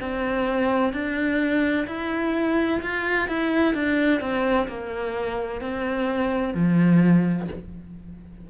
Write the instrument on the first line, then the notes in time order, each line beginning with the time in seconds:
cello
0.00 C4
0.93 D4
1.87 E4
2.82 F4
3.28 E4
3.74 D4
4.20 C4
4.68 A#3
5.61 C4
6.54 F3